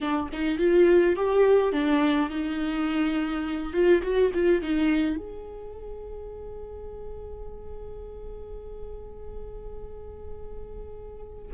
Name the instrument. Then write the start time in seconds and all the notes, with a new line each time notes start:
viola
0.00 D4
0.32 D#4
0.58 F4
1.15 G4
1.72 D4
2.30 D#4
3.73 F4
4.02 F#4
4.34 F4
4.62 D#4
5.17 G#4